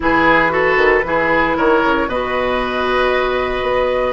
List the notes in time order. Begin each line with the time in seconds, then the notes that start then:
0.00 E3 E4 G#4 B4
0.49 F#4 A4
0.76 D#3
1.04 E3 E4 G#4
1.57 D#3 A#4 C#5
1.83 C#3
2.06 B2 F#4 B4 D#5
3.62 B3